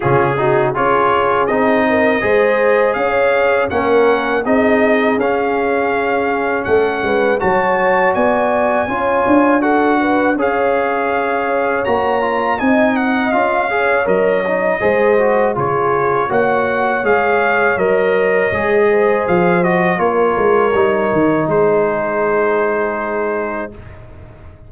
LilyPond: <<
  \new Staff \with { instrumentName = "trumpet" } { \time 4/4 \tempo 4 = 81 gis'4 cis''4 dis''2 | f''4 fis''4 dis''4 f''4~ | f''4 fis''4 a''4 gis''4~ | gis''4 fis''4 f''2 |
ais''4 gis''8 fis''8 f''4 dis''4~ | dis''4 cis''4 fis''4 f''4 | dis''2 f''8 dis''8 cis''4~ | cis''4 c''2. | }
  \new Staff \with { instrumentName = "horn" } { \time 4/4 f'8 fis'8 gis'4. ais'8 c''4 | cis''4 ais'4 gis'2~ | gis'4 a'8 b'8 cis''4 d''4 | cis''4 a'8 b'8 cis''2~ |
cis''4 dis''4. cis''4. | c''4 gis'4 cis''2~ | cis''4. c''4. ais'4~ | ais'4 gis'2. | }
  \new Staff \with { instrumentName = "trombone" } { \time 4/4 cis'8 dis'8 f'4 dis'4 gis'4~ | gis'4 cis'4 dis'4 cis'4~ | cis'2 fis'2 | f'4 fis'4 gis'2 |
fis'8 f'8 dis'4 f'8 gis'8 ais'8 dis'8 | gis'8 fis'8 f'4 fis'4 gis'4 | ais'4 gis'4. fis'8 f'4 | dis'1 | }
  \new Staff \with { instrumentName = "tuba" } { \time 4/4 cis4 cis'4 c'4 gis4 | cis'4 ais4 c'4 cis'4~ | cis'4 a8 gis8 fis4 b4 | cis'8 d'4. cis'2 |
ais4 c'4 cis'4 fis4 | gis4 cis4 ais4 gis4 | fis4 gis4 f4 ais8 gis8 | g8 dis8 gis2. | }
>>